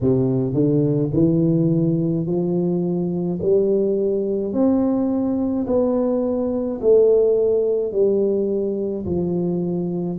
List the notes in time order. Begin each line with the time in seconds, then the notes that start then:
0.01 C3
0.53 D3
1.13 E3
2.26 F3
3.42 G3
4.52 C4
5.67 B3
6.81 A3
7.92 G3
9.05 F3